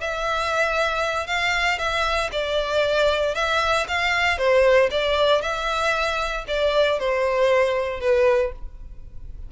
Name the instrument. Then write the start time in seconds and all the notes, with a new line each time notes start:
violin
0.00 E5
1.26 F5
1.78 E5
2.32 D5
3.34 E5
3.88 F5
4.38 C5
4.90 D5
5.41 E5
6.47 D5
6.99 C5
8.00 B4